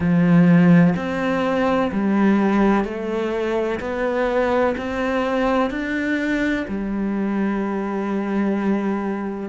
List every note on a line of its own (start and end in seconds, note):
0.00 0.94 F3
0.95 1.90 C4
1.92 2.84 G3
2.84 3.79 A3
3.80 4.75 B3
4.77 5.70 C4
5.70 6.65 D4
6.68 9.49 G3